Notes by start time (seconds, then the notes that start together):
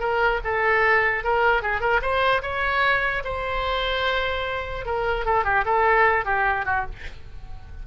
0.00 A#4
0.44 A4
1.24 A#4
1.62 G#4
1.81 A#4
2.02 C5
2.42 C#5
3.24 C5
4.85 A#4
5.26 A4
5.44 G4
5.65 A4
6.25 G4
6.66 F#4